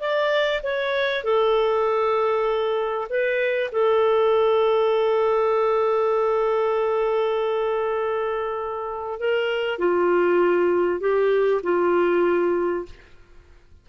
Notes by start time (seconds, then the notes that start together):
0.00 D5
0.63 C#5
1.24 A4
3.09 B4
3.71 A4
9.20 A#4
9.78 F4
11.00 G4
11.63 F4